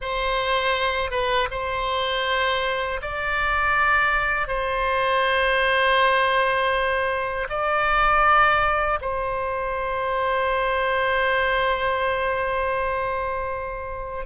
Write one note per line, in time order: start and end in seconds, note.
0.01 1.10 C5
1.10 1.48 B4
1.50 3.00 C5
3.01 4.47 D5
4.47 7.47 C5
7.49 8.99 D5
9.01 14.25 C5